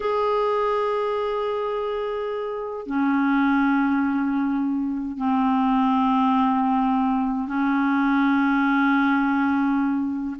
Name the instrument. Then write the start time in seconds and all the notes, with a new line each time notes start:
clarinet
0.00 G#4
2.86 C#4
5.17 C4
7.47 C#4